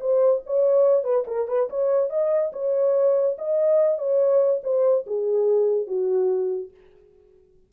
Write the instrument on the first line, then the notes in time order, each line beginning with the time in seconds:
horn
0.00 C5
0.46 C#5
1.04 B4
1.27 A#4
1.48 B4
1.70 C#5
2.10 D#5
2.53 C#5
3.38 D#5
3.98 C#5
4.63 C5
5.07 G#4
5.87 F#4